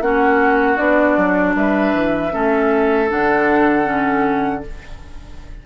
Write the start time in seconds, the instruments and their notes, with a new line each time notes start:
0.00 bassoon A#3, clarinet C#4, oboe F#4, flute F#5
0.77 bassoon B3, clarinet D4, flute D5
1.17 bassoon F#3
1.55 bassoon G3, oboe B4, flute E5
1.93 bassoon E3
2.31 bassoon A3, clarinet C#4, oboe A4
3.08 bassoon D3, clarinet D4, flute F#5
3.84 clarinet C#4